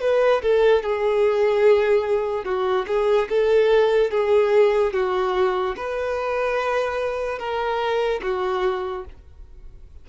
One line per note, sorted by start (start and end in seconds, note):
0.00 0.41 B4
0.41 0.83 A4
0.83 2.44 G#4
2.44 2.85 F#4
2.87 3.28 G#4
3.29 4.11 A4
4.11 4.93 G#4
4.93 5.75 F#4
5.76 7.38 B4
7.38 8.20 A#4
8.22 9.04 F#4